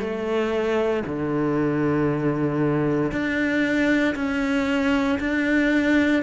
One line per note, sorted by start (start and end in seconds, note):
0.00 1.03 A3
1.06 3.12 D3
3.12 4.15 D4
4.16 5.19 C#4
5.20 6.23 D4